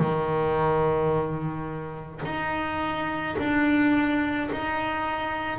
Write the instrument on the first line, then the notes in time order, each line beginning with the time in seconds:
double bass
0.00 D#3
2.25 D#4
3.39 D4
4.53 D#4